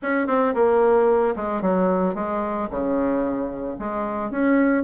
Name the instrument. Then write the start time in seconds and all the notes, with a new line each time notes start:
bassoon
0.02 C#4
0.27 C4
0.54 A#3
1.35 G#3
1.61 F#3
2.14 G#3
2.70 C#3
3.78 G#3
4.30 C#4